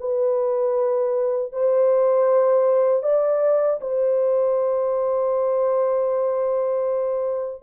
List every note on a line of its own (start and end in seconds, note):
0.00 1.53 B4
1.53 3.03 C5
3.03 3.80 D5
3.81 7.63 C5